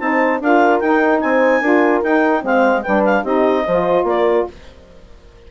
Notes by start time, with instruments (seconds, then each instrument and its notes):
0.00 bassoon C4, saxophone D#4, horn C5, clarinet A5
0.40 bassoon D4, saxophone F4, horn A#4, clarinet F5
0.80 bassoon D#4, saxophone D#4, clarinet G5
1.20 bassoon C4, horn C5, clarinet G#5
1.61 bassoon D4, saxophone F4, horn A#4
2.04 bassoon D#4, saxophone D#4, clarinet G5
2.42 bassoon G#3, saxophone C4, horn C5, clarinet F5
2.83 bassoon G3, saxophone D4, horn B4, clarinet G5
3.06 clarinet F5
3.23 bassoon C4, saxophone D#4, horn G4, clarinet D#5
3.66 bassoon F3, saxophone F4, horn C5
4.04 bassoon A#3, horn A#4, clarinet D5